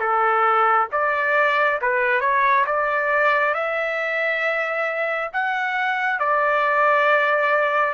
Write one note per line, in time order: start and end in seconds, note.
0.00 0.88 A4
0.92 1.80 D5
1.81 2.21 B4
2.21 2.65 C#5
2.66 3.54 D5
3.54 5.31 E5
5.33 6.19 F#5
6.19 7.93 D5